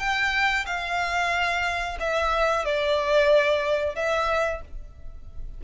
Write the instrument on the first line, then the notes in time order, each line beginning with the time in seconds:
violin
0.00 G5
0.66 F5
2.00 E5
2.65 D5
3.96 E5